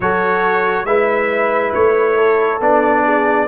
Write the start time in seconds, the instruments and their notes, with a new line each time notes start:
0.00 tuba F#3, trombone F#4, horn A4, trumpet C#5
0.84 tuba G#3, trombone E4, horn B4, trumpet E5
1.73 tuba A3, trumpet C#5
2.16 horn A4
2.60 tuba B3, trombone D4, trumpet D5
3.04 horn G#4